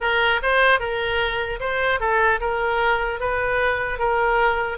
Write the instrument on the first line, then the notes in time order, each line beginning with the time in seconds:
oboe
0.00 A#4
0.42 C5
0.79 A#4
1.60 C5
2.00 A4
2.40 A#4
3.20 B4
3.98 A#4